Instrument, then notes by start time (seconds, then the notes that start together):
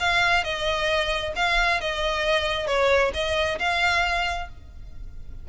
violin
0.00 F5
0.44 D#5
1.36 F5
1.81 D#5
2.67 C#5
3.14 D#5
3.59 F5